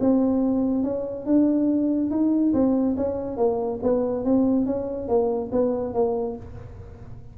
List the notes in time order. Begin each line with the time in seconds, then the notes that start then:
0.00 C4
0.83 C#4
1.26 D4
2.10 D#4
2.53 C4
2.97 C#4
3.37 A#3
3.83 B3
4.24 C4
4.66 C#4
5.08 A#3
5.52 B3
5.94 A#3